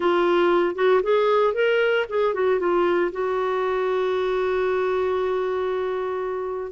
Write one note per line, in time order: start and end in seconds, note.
0.00 0.75 F4
0.75 1.01 F#4
1.02 1.54 G#4
1.54 2.05 A#4
2.09 2.33 G#4
2.33 2.59 F#4
2.59 3.11 F4
3.12 6.72 F#4